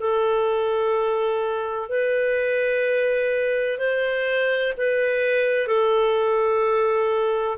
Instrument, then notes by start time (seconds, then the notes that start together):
clarinet
0.00 A4
1.89 B4
3.78 C5
4.78 B4
5.68 A4